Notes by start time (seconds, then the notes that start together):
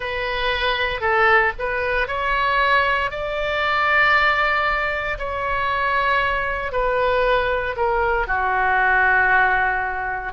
0.00 B4
1.00 A4
1.58 B4
2.07 C#5
3.10 D5
5.18 C#5
6.72 B4
7.76 A#4
8.27 F#4